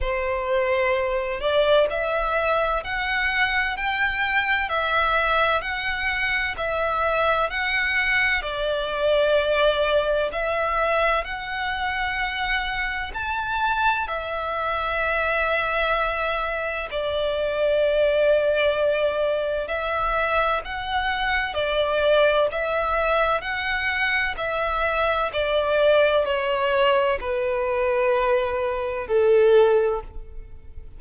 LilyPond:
\new Staff \with { instrumentName = "violin" } { \time 4/4 \tempo 4 = 64 c''4. d''8 e''4 fis''4 | g''4 e''4 fis''4 e''4 | fis''4 d''2 e''4 | fis''2 a''4 e''4~ |
e''2 d''2~ | d''4 e''4 fis''4 d''4 | e''4 fis''4 e''4 d''4 | cis''4 b'2 a'4 | }